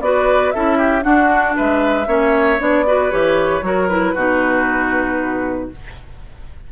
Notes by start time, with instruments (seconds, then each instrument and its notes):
0.00 bassoon B3, clarinet F#4, oboe B4, flute D5
0.50 bassoon C#4, clarinet E4, oboe A4, flute E5
0.78 oboe G4
1.02 clarinet D4, bassoon D4, oboe F#4, flute F#5
1.56 bassoon G#3, oboe B4, flute E5
2.07 bassoon A#3, clarinet C#4, oboe C#5
2.59 bassoon B3, clarinet D4, flute D5
2.86 clarinet F#4, oboe B4
3.10 bassoon E3, clarinet G4, flute C#5
3.61 bassoon F#3, clarinet F#4, oboe A#4
3.88 clarinet E4, flute B4
4.14 bassoon B2, clarinet D#4, oboe F#4